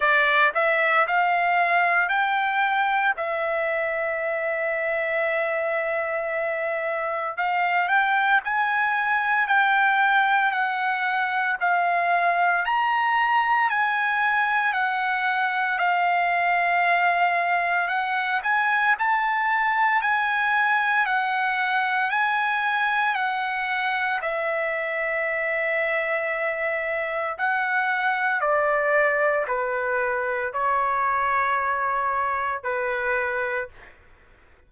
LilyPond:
\new Staff \with { instrumentName = "trumpet" } { \time 4/4 \tempo 4 = 57 d''8 e''8 f''4 g''4 e''4~ | e''2. f''8 g''8 | gis''4 g''4 fis''4 f''4 | ais''4 gis''4 fis''4 f''4~ |
f''4 fis''8 gis''8 a''4 gis''4 | fis''4 gis''4 fis''4 e''4~ | e''2 fis''4 d''4 | b'4 cis''2 b'4 | }